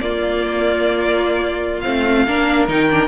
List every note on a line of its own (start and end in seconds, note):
0.00 1.81 A#3
0.00 2.26 F4
0.00 1.80 D5
1.80 2.27 A3
1.80 2.26 C4
1.80 2.65 F5
2.26 2.68 A#3
2.26 2.68 D4
2.26 3.07 A#4
2.68 3.07 D#3
2.68 2.89 D#4
2.68 3.07 G5
2.90 3.07 D4